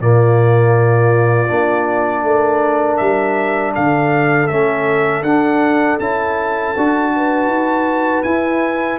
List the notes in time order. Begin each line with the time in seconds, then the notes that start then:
0.00 A#2 A#3 F4 D5
1.48 A#3 D4
2.23 A3 A#4
2.97 G3 E5
3.74 D3 A4 F5
4.47 A3 C#4 E5
5.22 D4 F#5
5.99 C#4 E4 A5
6.76 D4 F#4
7.16 B4
7.47 D#4
8.23 E4 G#5